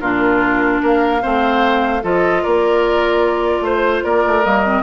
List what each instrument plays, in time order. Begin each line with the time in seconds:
0.00 bassoon A#2, clarinet D4, oboe F4, flute A#4
0.82 bassoon A#3, oboe A#4, flute F5
1.21 bassoon A3, clarinet C4, oboe C5
2.03 bassoon F3, clarinet F4, oboe A4, flute D#5
2.43 bassoon A#3, oboe A#4, flute D5
3.61 bassoon A3, oboe C5, flute C5
4.04 bassoon A#3, oboe A#4, flute D5
4.26 bassoon A3
4.44 bassoon G3, clarinet A#3, flute D#5
4.65 clarinet C4